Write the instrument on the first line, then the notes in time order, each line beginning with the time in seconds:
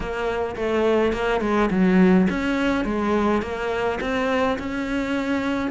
cello
0.00 A#3
0.56 A3
1.12 A#3
1.41 G#3
1.70 F#3
2.29 C#4
2.84 G#3
3.42 A#3
4.01 C4
4.58 C#4